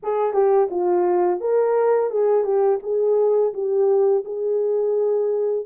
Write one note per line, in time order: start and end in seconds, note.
0.02 0.33 G#4
0.33 0.68 G4
0.70 1.40 F4
1.40 2.10 A#4
2.10 2.44 G#4
2.44 2.79 G4
2.82 3.53 G#4
3.53 4.24 G4
4.24 5.65 G#4